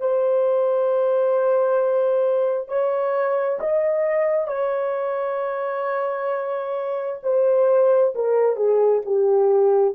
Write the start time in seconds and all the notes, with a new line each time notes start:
0.00 C5
2.68 C#5
3.60 D#5
4.48 C#5
7.23 C5
8.15 A#4
8.57 G#4
9.05 G4